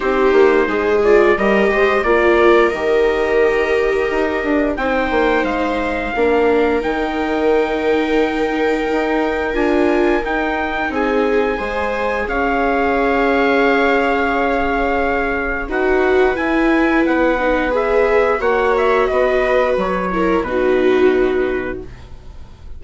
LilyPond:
<<
  \new Staff \with { instrumentName = "trumpet" } { \time 4/4 \tempo 4 = 88 c''4. d''8 dis''4 d''4 | dis''2. g''4 | f''2 g''2~ | g''2 gis''4 g''4 |
gis''2 f''2~ | f''2. fis''4 | gis''4 fis''4 e''4 fis''8 e''8 | dis''4 cis''4 b'2 | }
  \new Staff \with { instrumentName = "viola" } { \time 4/4 g'4 gis'4 ais'8 c''8 ais'4~ | ais'2. c''4~ | c''4 ais'2.~ | ais'1 |
gis'4 c''4 cis''2~ | cis''2. b'4~ | b'2. cis''4 | b'4. ais'8 fis'2 | }
  \new Staff \with { instrumentName = "viola" } { \time 4/4 dis'4. f'8 g'4 f'4 | g'2. dis'4~ | dis'4 d'4 dis'2~ | dis'2 f'4 dis'4~ |
dis'4 gis'2.~ | gis'2. fis'4 | e'4. dis'8 gis'4 fis'4~ | fis'4. e'8 dis'2 | }
  \new Staff \with { instrumentName = "bassoon" } { \time 4/4 c'8 ais8 gis4 g8 gis8 ais4 | dis2 dis'8 d'8 c'8 ais8 | gis4 ais4 dis2~ | dis4 dis'4 d'4 dis'4 |
c'4 gis4 cis'2~ | cis'2. dis'4 | e'4 b2 ais4 | b4 fis4 b,2 | }
>>